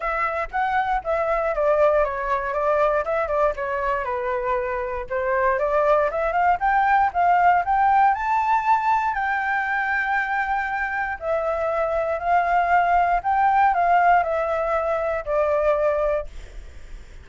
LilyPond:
\new Staff \with { instrumentName = "flute" } { \time 4/4 \tempo 4 = 118 e''4 fis''4 e''4 d''4 | cis''4 d''4 e''8 d''8 cis''4 | b'2 c''4 d''4 | e''8 f''8 g''4 f''4 g''4 |
a''2 g''2~ | g''2 e''2 | f''2 g''4 f''4 | e''2 d''2 | }